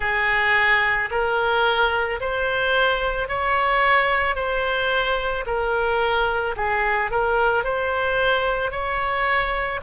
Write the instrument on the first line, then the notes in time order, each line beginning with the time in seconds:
oboe
0.00 G#4
1.11 A#4
2.20 C5
3.28 C#5
4.35 C5
5.46 A#4
6.56 G#4
7.11 A#4
7.64 C5
8.71 C#5